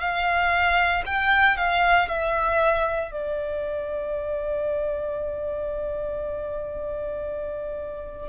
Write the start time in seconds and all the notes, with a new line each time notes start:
0.00 F5
1.05 G5
1.57 F5
2.08 E5
3.11 D5